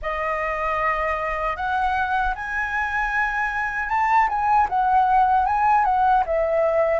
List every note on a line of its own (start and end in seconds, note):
0.02 1.56 D#5
1.56 2.34 F#5
2.35 3.89 G#5
3.89 4.28 A5
4.28 4.67 G#5
4.69 5.45 F#5
5.45 5.84 G#5
5.84 6.23 F#5
6.26 7.00 E5